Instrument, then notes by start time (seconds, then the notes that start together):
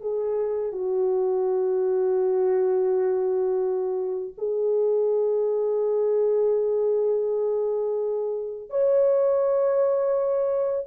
horn
0.00 G#4
0.72 F#4
4.37 G#4
8.69 C#5